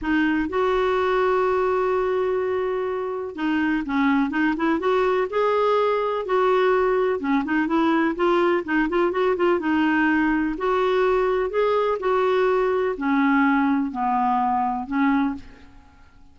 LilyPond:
\new Staff \with { instrumentName = "clarinet" } { \time 4/4 \tempo 4 = 125 dis'4 fis'2.~ | fis'2. dis'4 | cis'4 dis'8 e'8 fis'4 gis'4~ | gis'4 fis'2 cis'8 dis'8 |
e'4 f'4 dis'8 f'8 fis'8 f'8 | dis'2 fis'2 | gis'4 fis'2 cis'4~ | cis'4 b2 cis'4 | }